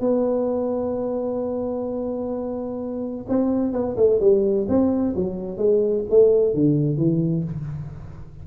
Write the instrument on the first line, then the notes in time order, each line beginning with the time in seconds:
tuba
0.00 B3
3.28 C4
3.72 B3
3.96 A3
4.20 G3
4.68 C4
5.15 F#3
5.57 G#3
6.09 A3
6.54 D3
6.97 E3